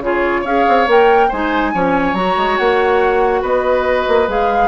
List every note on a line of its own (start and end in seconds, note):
0.00 0.43 C#3
0.00 0.46 F4
0.00 0.41 G#4
0.00 0.46 C#5
0.41 0.65 C#4
0.41 0.87 G#4
0.41 1.27 C#5
0.41 0.88 F5
0.69 0.87 C4
0.87 1.30 A#3
0.87 1.30 A#4
0.87 1.32 G5
1.28 1.74 G#3
1.28 1.74 D#4
1.28 1.71 C5
1.28 2.15 G#5
1.74 2.13 F3
1.74 2.15 C#4
1.74 3.42 C#5
2.13 2.35 F#3
2.13 4.28 F#4
2.13 2.57 A#5
2.37 2.58 G#3
2.57 3.43 A#3
2.57 3.42 F#5
3.42 4.06 B3
3.42 4.68 B4
3.42 4.30 D#5
4.08 4.28 A#3
4.28 4.68 G#3
4.28 4.68 G#4
4.28 4.68 F5